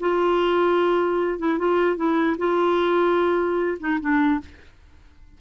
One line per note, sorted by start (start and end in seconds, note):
0.00 1.39 F4
1.39 1.58 E4
1.58 1.96 F4
1.96 2.36 E4
2.38 3.78 F4
3.79 3.99 D#4
4.00 4.40 D4